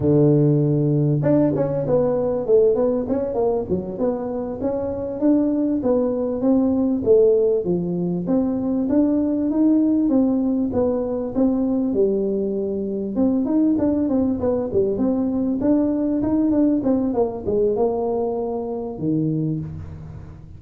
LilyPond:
\new Staff \with { instrumentName = "tuba" } { \time 4/4 \tempo 4 = 98 d2 d'8 cis'8 b4 | a8 b8 cis'8 ais8 fis8 b4 cis'8~ | cis'8 d'4 b4 c'4 a8~ | a8 f4 c'4 d'4 dis'8~ |
dis'8 c'4 b4 c'4 g8~ | g4. c'8 dis'8 d'8 c'8 b8 | g8 c'4 d'4 dis'8 d'8 c'8 | ais8 gis8 ais2 dis4 | }